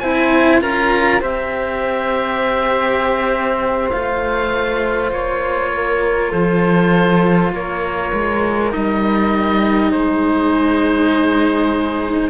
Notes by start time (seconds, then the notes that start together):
0.00 C4 E4 C5 G#5
0.61 C#4 F4 A#4 A#5
1.21 C4 G4 C5 E5
3.91 A3 F4 F5
5.12 A#3 C#5
5.74 A#4
6.32 F3 A4 C5
7.52 A#3 A#4 C#5
8.13 G#3
8.71 G3 D#4 D#5
9.92 G#3 G#4 C5